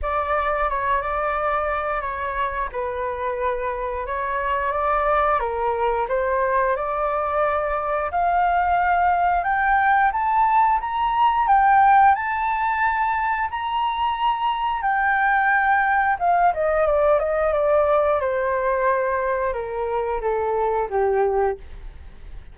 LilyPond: \new Staff \with { instrumentName = "flute" } { \time 4/4 \tempo 4 = 89 d''4 cis''8 d''4. cis''4 | b'2 cis''4 d''4 | ais'4 c''4 d''2 | f''2 g''4 a''4 |
ais''4 g''4 a''2 | ais''2 g''2 | f''8 dis''8 d''8 dis''8 d''4 c''4~ | c''4 ais'4 a'4 g'4 | }